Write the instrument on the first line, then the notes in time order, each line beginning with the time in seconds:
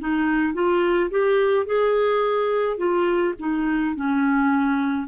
clarinet
0.00 D#4
0.54 F4
1.11 G4
1.66 G#4
2.77 F4
3.40 D#4
3.96 C#4